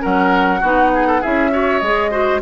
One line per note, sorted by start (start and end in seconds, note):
0.00 0.62 F#3
0.00 0.60 C#4
0.00 0.60 A#4
0.00 1.23 F#5
0.60 1.22 B3
0.60 1.23 D#4
0.60 0.90 F#4
0.95 1.07 G#4
1.07 1.21 A4
1.21 1.81 C#4
1.21 1.51 E4
1.21 1.51 G#4
1.21 1.79 E5
1.51 1.81 F#4
1.51 2.11 C#5
1.79 2.42 G#3
1.79 2.11 G#4
1.79 2.39 D#5
2.11 2.41 F#4
2.11 2.41 C5